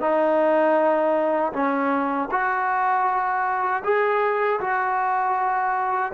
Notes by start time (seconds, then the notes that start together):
0.00 D#4
1.53 C#4
2.31 F#4
3.84 G#4
4.60 F#4